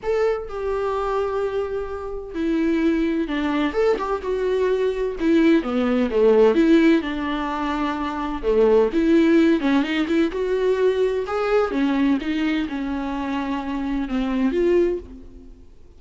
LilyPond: \new Staff \with { instrumentName = "viola" } { \time 4/4 \tempo 4 = 128 a'4 g'2.~ | g'4 e'2 d'4 | a'8 g'8 fis'2 e'4 | b4 a4 e'4 d'4~ |
d'2 a4 e'4~ | e'8 cis'8 dis'8 e'8 fis'2 | gis'4 cis'4 dis'4 cis'4~ | cis'2 c'4 f'4 | }